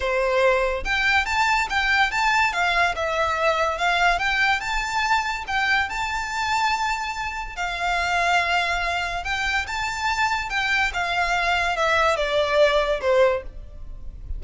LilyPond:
\new Staff \with { instrumentName = "violin" } { \time 4/4 \tempo 4 = 143 c''2 g''4 a''4 | g''4 a''4 f''4 e''4~ | e''4 f''4 g''4 a''4~ | a''4 g''4 a''2~ |
a''2 f''2~ | f''2 g''4 a''4~ | a''4 g''4 f''2 | e''4 d''2 c''4 | }